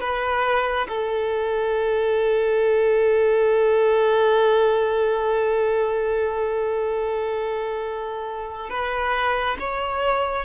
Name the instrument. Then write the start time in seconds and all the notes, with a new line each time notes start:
violin
0.00 B4
0.89 A4
8.70 B4
9.59 C#5